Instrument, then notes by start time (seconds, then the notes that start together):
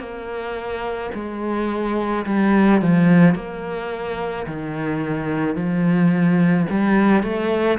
cello
0.00 A#3
1.15 G#3
2.26 G3
2.82 F3
3.35 A#3
4.47 D#3
5.56 F3
6.70 G3
7.24 A3